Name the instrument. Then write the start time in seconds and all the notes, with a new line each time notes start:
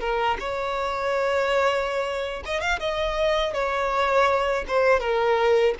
violin
0.00 A#4
0.39 C#5
2.45 D#5
2.61 F5
2.79 D#5
3.54 C#5
4.67 C5
5.00 A#4